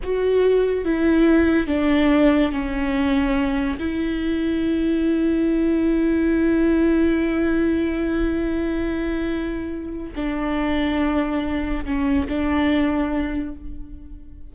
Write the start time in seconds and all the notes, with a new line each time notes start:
0.03 F#4
0.85 E4
1.67 D4
2.51 C#4
3.79 E4
10.15 D4
11.85 C#4
12.28 D4